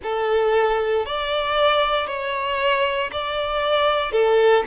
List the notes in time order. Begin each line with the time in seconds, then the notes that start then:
0.02 A4
1.05 D5
2.06 C#5
3.12 D5
4.11 A4